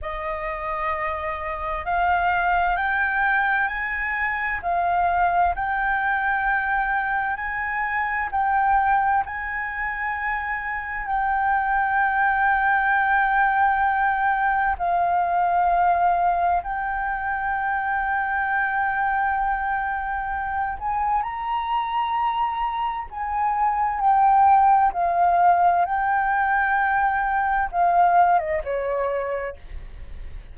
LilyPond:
\new Staff \with { instrumentName = "flute" } { \time 4/4 \tempo 4 = 65 dis''2 f''4 g''4 | gis''4 f''4 g''2 | gis''4 g''4 gis''2 | g''1 |
f''2 g''2~ | g''2~ g''8 gis''8 ais''4~ | ais''4 gis''4 g''4 f''4 | g''2 f''8. dis''16 cis''4 | }